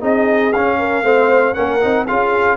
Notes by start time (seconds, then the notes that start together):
0.00 C4 D#4 G#4 D#5
0.53 C#4 F5
0.79 A#4
1.02 A3 C4 C5
1.54 A#3 C#4 A#4 F#5
1.81 C4 D#4
2.07 C#4 F4 G#4 F5